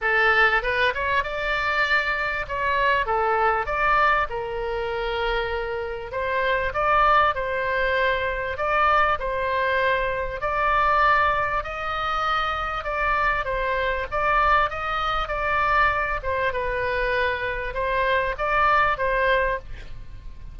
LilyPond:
\new Staff \with { instrumentName = "oboe" } { \time 4/4 \tempo 4 = 98 a'4 b'8 cis''8 d''2 | cis''4 a'4 d''4 ais'4~ | ais'2 c''4 d''4 | c''2 d''4 c''4~ |
c''4 d''2 dis''4~ | dis''4 d''4 c''4 d''4 | dis''4 d''4. c''8 b'4~ | b'4 c''4 d''4 c''4 | }